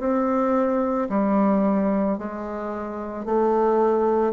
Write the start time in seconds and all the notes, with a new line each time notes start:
0.00 C4
1.10 G3
2.19 G#3
3.26 A3